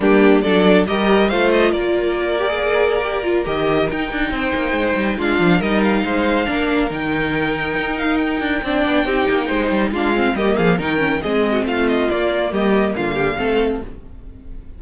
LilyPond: <<
  \new Staff \with { instrumentName = "violin" } { \time 4/4 \tempo 4 = 139 g'4 d''4 dis''4 f''8 dis''8 | d''1 | dis''4 g''2. | f''4 dis''8 f''2~ f''8 |
g''2~ g''8 f''8 g''4~ | g''2. f''4 | dis''8 f''8 g''4 dis''4 f''8 dis''8 | d''4 dis''4 f''2 | }
  \new Staff \with { instrumentName = "violin" } { \time 4/4 d'4 a'4 ais'4 c''4 | ais'1~ | ais'2 c''2 | f'4 ais'4 c''4 ais'4~ |
ais'1 | d''4 g'4 c''4 f'4 | g'8 gis'8 ais'4 gis'8. fis'16 f'4~ | f'4 g'4 f'8 g'8 a'4 | }
  \new Staff \with { instrumentName = "viola" } { \time 4/4 ais4 d'4 g'4 f'4~ | f'4. g'16 gis'4~ gis'16 g'8 f'8 | g'4 dis'2. | d'4 dis'2 d'4 |
dis'1 | d'4 dis'2 d'8 c'8 | ais4 dis'8 cis'8 c'2 | ais2. c'4 | }
  \new Staff \with { instrumentName = "cello" } { \time 4/4 g4 fis4 g4 a4 | ais1 | dis4 dis'8 d'8 c'8 ais8 gis8 g8 | gis8 f8 g4 gis4 ais4 |
dis2 dis'4. d'8 | c'8 b8 c'8 ais8 gis8 g8 gis4 | g8 f8 dis4 gis4 a4 | ais4 g4 d4 a4 | }
>>